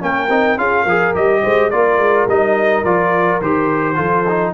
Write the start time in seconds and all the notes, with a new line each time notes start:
0.00 A#3 C#4 A#4 G5
0.29 C4 D#4
0.57 C#4 F4 G#4 F5
0.83 F3 A#4
0.89 G#4
1.15 G3 G4 D#5
1.42 G#3 C5
1.70 A#3 F4 A#4 D5
1.98 G#3
2.27 G3 D#4 D#5
2.84 F3 F4 D5
3.41 D#3 G4 C5
3.95 F3 F4 A4
4.29 D#4